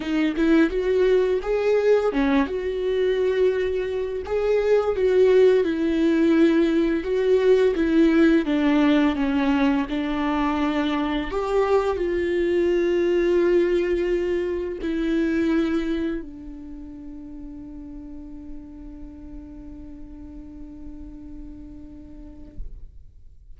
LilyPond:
\new Staff \with { instrumentName = "viola" } { \time 4/4 \tempo 4 = 85 dis'8 e'8 fis'4 gis'4 cis'8 fis'8~ | fis'2 gis'4 fis'4 | e'2 fis'4 e'4 | d'4 cis'4 d'2 |
g'4 f'2.~ | f'4 e'2 d'4~ | d'1~ | d'1 | }